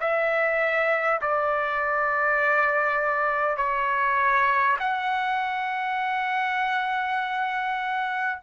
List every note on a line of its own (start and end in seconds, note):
0.00 1.20 E5
1.22 3.57 D5
3.57 4.77 C#5
4.79 8.39 F#5